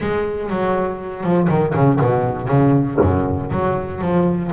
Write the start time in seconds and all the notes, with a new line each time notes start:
0.00 G#3
0.49 F#3
1.23 F3
1.49 D#3
1.74 C#3
2.01 B2
2.48 C#3
3.01 F#2
3.51 F#3
4.01 F3